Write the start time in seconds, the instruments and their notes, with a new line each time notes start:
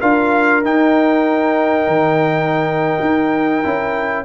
0.00 tuba D4, trombone F4, horn A#4, trumpet F5
0.64 trombone D#4, tuba D#4, trumpet G5
1.87 tuba D#3
3.00 tuba D#4
3.64 tuba C#4, trombone E4